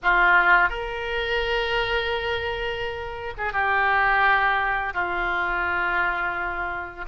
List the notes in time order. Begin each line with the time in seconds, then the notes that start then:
0.02 F4
0.69 A#4
3.37 G#4
3.53 G4
4.93 F4